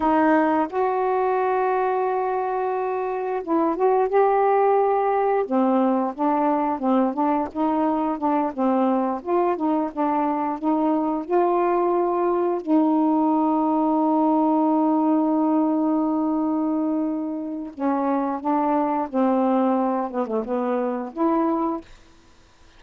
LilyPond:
\new Staff \with { instrumentName = "saxophone" } { \time 4/4 \tempo 4 = 88 dis'4 fis'2.~ | fis'4 e'8 fis'8 g'2 | c'4 d'4 c'8 d'8 dis'4 | d'8 c'4 f'8 dis'8 d'4 dis'8~ |
dis'8 f'2 dis'4.~ | dis'1~ | dis'2 cis'4 d'4 | c'4. b16 a16 b4 e'4 | }